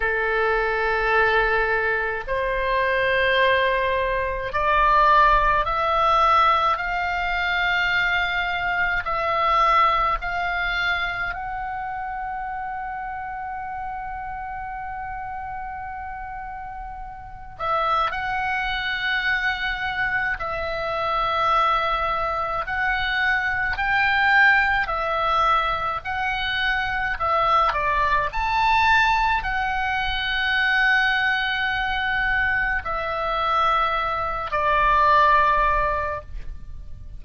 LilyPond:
\new Staff \with { instrumentName = "oboe" } { \time 4/4 \tempo 4 = 53 a'2 c''2 | d''4 e''4 f''2 | e''4 f''4 fis''2~ | fis''2.~ fis''8 e''8 |
fis''2 e''2 | fis''4 g''4 e''4 fis''4 | e''8 d''8 a''4 fis''2~ | fis''4 e''4. d''4. | }